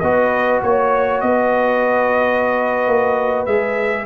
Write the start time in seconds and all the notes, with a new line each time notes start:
0.00 B3 F#4 B4 D#5
0.62 A#3 C#5
1.20 B3 B4 D#5
2.87 A#3
3.45 G#3 G#4 E5